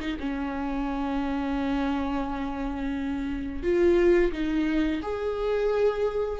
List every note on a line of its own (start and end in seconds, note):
0.00 0.17 D#4
0.19 3.63 C#4
3.63 4.32 F4
4.33 5.02 D#4
5.02 6.39 G#4